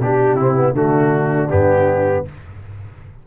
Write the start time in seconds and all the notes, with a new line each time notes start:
0.00 B2 D4 G4
0.33 C3 C4 E4
0.55 B3
0.73 D3 A3 D4 F#4
1.50 G2 B3 G4